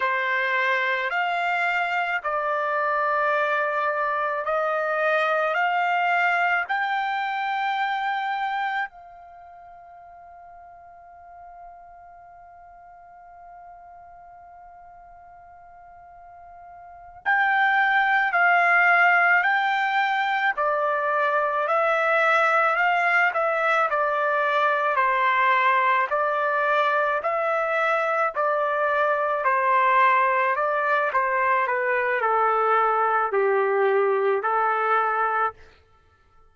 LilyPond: \new Staff \with { instrumentName = "trumpet" } { \time 4/4 \tempo 4 = 54 c''4 f''4 d''2 | dis''4 f''4 g''2 | f''1~ | f''2.~ f''8 g''8~ |
g''8 f''4 g''4 d''4 e''8~ | e''8 f''8 e''8 d''4 c''4 d''8~ | d''8 e''4 d''4 c''4 d''8 | c''8 b'8 a'4 g'4 a'4 | }